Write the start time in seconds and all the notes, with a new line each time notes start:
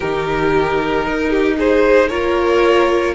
0.00 D#3 D#4 G4 A#4
1.06 D#4 A#4
1.30 G4
1.57 G#4 C5
2.09 A#3 F4 A#4 C#5